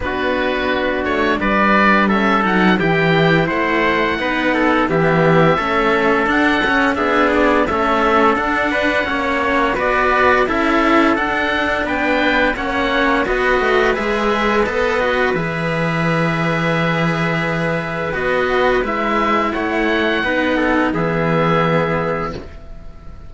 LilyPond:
<<
  \new Staff \with { instrumentName = "oboe" } { \time 4/4 \tempo 4 = 86 b'4. cis''8 d''4 e''8 fis''8 | g''4 fis''2 e''4~ | e''4 fis''4 e''8 d''8 e''4 | fis''2 d''4 e''4 |
fis''4 g''4 fis''4 dis''4 | e''4 dis''4 e''2~ | e''2 dis''4 e''4 | fis''2 e''2 | }
  \new Staff \with { instrumentName = "trumpet" } { \time 4/4 fis'2 b'4 a'4 | g'4 c''4 b'8 a'8 g'4 | a'2 gis'4 a'4~ | a'8 b'8 cis''4 b'4 a'4~ |
a'4 b'4 cis''4 b'4~ | b'1~ | b'1 | cis''4 b'8 a'8 gis'2 | }
  \new Staff \with { instrumentName = "cello" } { \time 4/4 d'2. cis'8 dis'8 | e'2 dis'4 b4 | cis'4 d'8 cis'8 d'4 cis'4 | d'4 cis'4 fis'4 e'4 |
d'2 cis'4 fis'4 | gis'4 a'8 fis'8 gis'2~ | gis'2 fis'4 e'4~ | e'4 dis'4 b2 | }
  \new Staff \with { instrumentName = "cello" } { \time 4/4 b4. a8 g4. fis8 | e4 a4 b4 e4 | a4 d'8 cis'8 b4 a4 | d'4 ais4 b4 cis'4 |
d'4 b4 ais4 b8 a8 | gis4 b4 e2~ | e2 b4 gis4 | a4 b4 e2 | }
>>